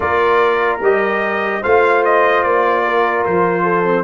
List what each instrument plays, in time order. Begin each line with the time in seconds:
0.00 tuba A#3, trombone F4, horn A#4, trumpet D5
0.80 tuba G3, trombone G4, trumpet D#5
1.61 tuba A3, trombone F4, horn C5, trumpet F5
2.04 trumpet D#5
2.43 tuba A#3, trumpet D5
2.85 horn A#4
3.25 tuba F3, trumpet C5
3.62 horn A4
3.84 trombone C4